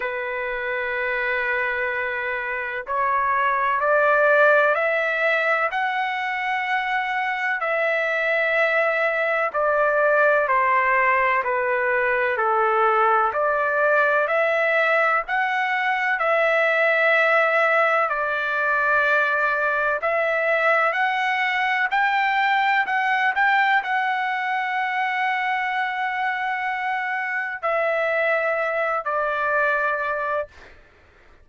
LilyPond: \new Staff \with { instrumentName = "trumpet" } { \time 4/4 \tempo 4 = 63 b'2. cis''4 | d''4 e''4 fis''2 | e''2 d''4 c''4 | b'4 a'4 d''4 e''4 |
fis''4 e''2 d''4~ | d''4 e''4 fis''4 g''4 | fis''8 g''8 fis''2.~ | fis''4 e''4. d''4. | }